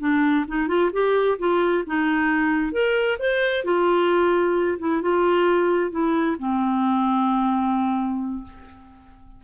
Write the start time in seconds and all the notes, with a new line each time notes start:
0.00 D4
0.48 D#4
0.68 F4
0.93 G4
1.39 F4
1.87 D#4
2.73 A#4
3.19 C5
3.64 F4
4.79 E4
5.02 F4
5.91 E4
6.39 C4